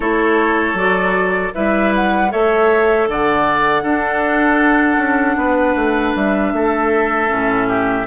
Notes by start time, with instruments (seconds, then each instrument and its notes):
0.00 bassoon A3, clarinet E4, oboe A4, flute C#5
0.73 bassoon F#3, clarinet F#4, flute D5
1.54 bassoon G3, clarinet E4, oboe B4, flute E5
1.95 flute F#5
2.29 bassoon A3, clarinet A4, oboe C#5, flute E5
3.08 bassoon D3, oboe D5, flute F#5
3.82 bassoon D4, clarinet D4, oboe A4
4.97 bassoon C#4
5.36 bassoon B3, oboe B4
5.75 bassoon A3
6.15 bassoon G3, flute E5
6.53 bassoon A3, oboe A4
7.28 bassoon A2, clarinet C#4
7.68 oboe G4